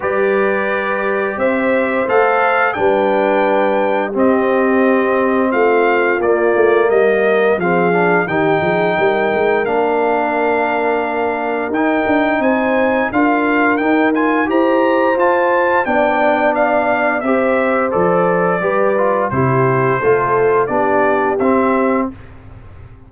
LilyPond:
<<
  \new Staff \with { instrumentName = "trumpet" } { \time 4/4 \tempo 4 = 87 d''2 e''4 f''4 | g''2 dis''2 | f''4 d''4 dis''4 f''4 | g''2 f''2~ |
f''4 g''4 gis''4 f''4 | g''8 gis''8 ais''4 a''4 g''4 | f''4 e''4 d''2 | c''2 d''4 e''4 | }
  \new Staff \with { instrumentName = "horn" } { \time 4/4 b'2 c''2 | b'2 g'2 | f'2 ais'4 gis'4 | g'8 gis'8 ais'2.~ |
ais'2 c''4 ais'4~ | ais'4 c''2 d''4~ | d''4 c''2 b'4 | g'4 a'4 g'2 | }
  \new Staff \with { instrumentName = "trombone" } { \time 4/4 g'2. a'4 | d'2 c'2~ | c'4 ais2 c'8 d'8 | dis'2 d'2~ |
d'4 dis'2 f'4 | dis'8 f'8 g'4 f'4 d'4~ | d'4 g'4 a'4 g'8 f'8 | e'4 f'4 d'4 c'4 | }
  \new Staff \with { instrumentName = "tuba" } { \time 4/4 g2 c'4 a4 | g2 c'2 | a4 ais8 a8 g4 f4 | dis8 f8 g8 gis8 ais2~ |
ais4 dis'8 d'8 c'4 d'4 | dis'4 e'4 f'4 b4~ | b4 c'4 f4 g4 | c4 a4 b4 c'4 | }
>>